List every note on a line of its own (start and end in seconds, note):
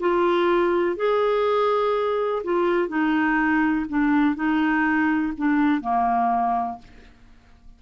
0.00 0.96 F4
0.96 2.43 G#4
2.44 2.88 F4
2.88 3.86 D#4
3.89 4.35 D4
4.35 5.33 D#4
5.38 5.81 D4
5.81 6.78 A#3